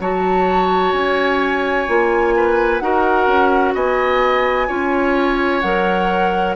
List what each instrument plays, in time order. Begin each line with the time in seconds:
0.00 bassoon F#3, clarinet F#4, oboe C#5, flute A5
0.93 bassoon C#4, flute G#5
1.88 bassoon A#3, clarinet F4
2.36 oboe B4
2.79 bassoon D#4, clarinet F#4, oboe A#4, flute F#5
3.27 bassoon C#4
3.75 bassoon B3, oboe D#5, flute G#5
4.68 bassoon C#4, clarinet F4, oboe C#5
5.61 bassoon F#3, clarinet A#4, flute F#5